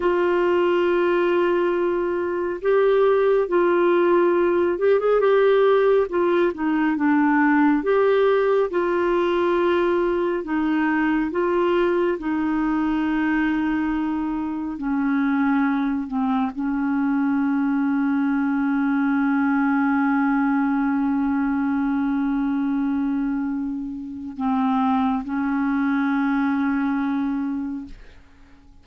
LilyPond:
\new Staff \with { instrumentName = "clarinet" } { \time 4/4 \tempo 4 = 69 f'2. g'4 | f'4. g'16 gis'16 g'4 f'8 dis'8 | d'4 g'4 f'2 | dis'4 f'4 dis'2~ |
dis'4 cis'4. c'8 cis'4~ | cis'1~ | cis'1 | c'4 cis'2. | }